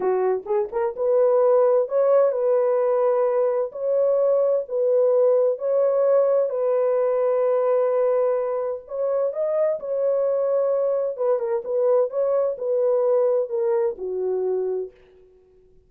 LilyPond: \new Staff \with { instrumentName = "horn" } { \time 4/4 \tempo 4 = 129 fis'4 gis'8 ais'8 b'2 | cis''4 b'2. | cis''2 b'2 | cis''2 b'2~ |
b'2. cis''4 | dis''4 cis''2. | b'8 ais'8 b'4 cis''4 b'4~ | b'4 ais'4 fis'2 | }